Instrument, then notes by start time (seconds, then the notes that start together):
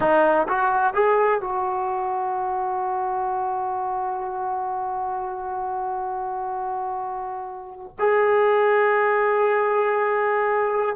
trombone
0.00 D#4
0.48 F#4
0.94 G#4
1.40 F#4
7.98 G#4